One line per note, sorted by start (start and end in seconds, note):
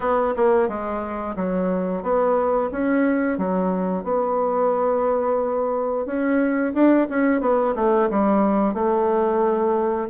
0.00 0.34 B3
0.36 0.68 A#3
0.68 1.35 G#3
1.35 2.02 F#3
2.02 2.70 B3
2.72 3.38 C#4
3.38 4.03 F#3
4.03 6.06 B3
6.06 6.73 C#4
6.74 7.07 D4
7.09 7.40 C#4
7.40 7.74 B3
7.75 8.09 A3
8.10 8.73 G3
8.73 10.08 A3